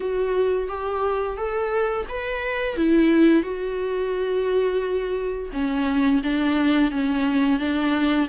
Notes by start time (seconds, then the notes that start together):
0.00 F#4
0.68 G4
1.37 A4
2.08 B4
2.76 E4
3.42 F#4
5.53 C#4
6.23 D4
6.91 C#4
7.59 D4